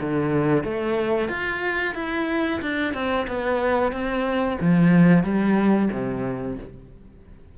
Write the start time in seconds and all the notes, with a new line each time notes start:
0.00 D3
0.64 A3
1.28 F4
1.94 E4
2.61 D4
2.93 C4
3.27 B3
3.92 C4
4.60 F3
5.23 G3
5.92 C3